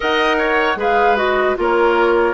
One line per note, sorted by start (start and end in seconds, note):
0.00 0.75 D#4
0.00 0.77 A#4
0.00 0.37 D#5
0.00 0.80 F#5
0.38 0.77 C#5
0.75 1.54 G#3
0.75 1.16 G#4
0.75 1.57 B4
0.75 1.16 F5
1.16 1.55 F#4
1.16 1.55 D#5
1.55 2.33 A#3
1.55 2.33 F4
1.55 2.33 A#4
1.55 2.33 C#5